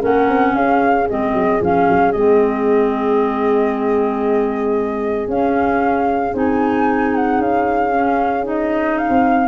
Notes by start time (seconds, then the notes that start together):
0.00 A#3 C#4 A#4 F#5
0.29 C4
0.55 C#4 G#4 F5
1.10 G#3 C4 D#5
1.33 F#3
1.61 F3 C#4 F5
1.89 F#3
2.12 G#3 C4 D#5
5.28 C#4 F5
6.34 C4 D#4 G#5
7.16 F#5
7.39 C#4 F5
7.91 C#4
8.43 D#4 D#5
8.98 F5
9.10 C4